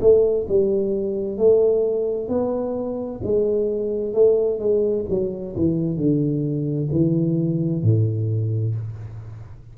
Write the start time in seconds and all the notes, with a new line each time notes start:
0.00 A3
0.48 G3
1.38 A3
2.28 B3
3.23 G#3
4.14 A3
4.59 G#3
5.09 F#3
5.56 E3
5.97 D3
6.91 E3
7.83 A2